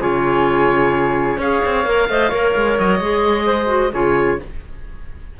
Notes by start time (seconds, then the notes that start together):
0.00 C#3 F4 G#4 C#5
1.38 C#4 G#4 C#5 F5
1.65 C4
1.84 A#3 A#4
2.09 A3 C5 D#5
2.29 A#3 A#4 C#5
2.55 G#3
2.79 F#3 D#5
3.00 G#3 G#4
3.46 C5
3.66 F#4
3.93 C#3 F4 G#4 C#5